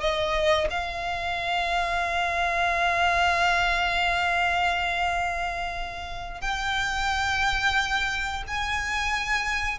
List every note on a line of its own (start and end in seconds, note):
0.00 0.67 D#5
0.70 6.41 F5
6.41 8.43 G5
8.47 9.78 G#5